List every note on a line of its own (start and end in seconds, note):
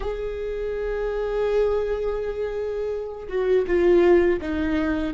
0.00 3.28 G#4
3.28 3.65 F#4
3.67 4.40 F4
4.41 5.14 D#4